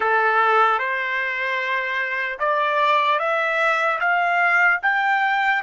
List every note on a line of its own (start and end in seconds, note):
0.00 0.79 A4
0.79 2.39 C5
2.39 3.19 D5
3.19 3.99 E5
4.00 4.80 F5
4.82 5.62 G5